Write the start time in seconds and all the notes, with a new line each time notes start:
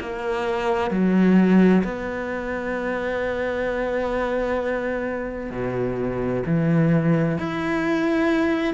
0.00 A#3
0.91 F#3
1.83 B3
5.50 B2
6.45 E3
7.38 E4